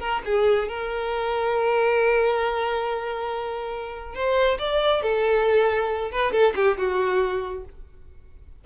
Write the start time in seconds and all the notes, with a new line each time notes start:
0.00 A#4
0.26 G#4
0.69 A#4
4.15 C5
4.59 D5
5.03 A4
6.12 B4
6.32 A4
6.56 G4
6.78 F#4